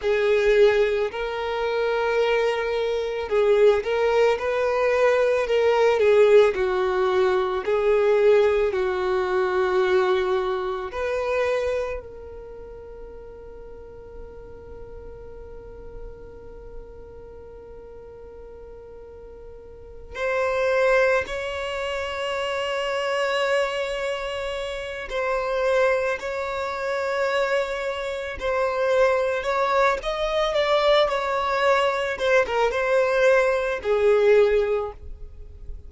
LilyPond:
\new Staff \with { instrumentName = "violin" } { \time 4/4 \tempo 4 = 55 gis'4 ais'2 gis'8 ais'8 | b'4 ais'8 gis'8 fis'4 gis'4 | fis'2 b'4 ais'4~ | ais'1~ |
ais'2~ ais'8 c''4 cis''8~ | cis''2. c''4 | cis''2 c''4 cis''8 dis''8 | d''8 cis''4 c''16 ais'16 c''4 gis'4 | }